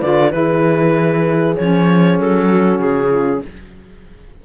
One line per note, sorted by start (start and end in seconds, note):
0.00 0.33 D3
0.00 0.31 F4
0.00 0.31 B4
0.00 0.32 D5
0.31 1.56 E3
0.31 1.55 E4
0.31 2.49 G#4
0.31 1.55 B4
1.57 2.20 F3
1.57 3.45 C#4
1.57 2.19 C#5
2.20 2.79 F#3
2.20 2.80 A4
2.49 3.11 F#4
2.79 3.41 C#3
2.79 3.42 G#4
3.11 3.42 F4